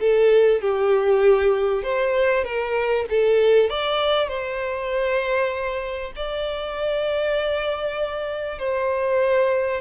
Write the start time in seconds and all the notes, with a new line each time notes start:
0.00 A4
0.61 G4
1.83 C5
2.44 A#4
3.10 A4
3.70 D5
4.28 C5
6.16 D5
8.59 C5